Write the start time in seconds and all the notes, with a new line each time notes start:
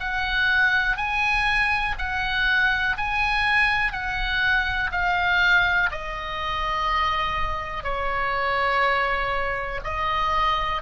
0.00 F#5
0.97 G#5
1.99 F#5
2.97 G#5
3.93 F#5
4.92 F5
5.91 D#5
7.84 C#5
9.84 D#5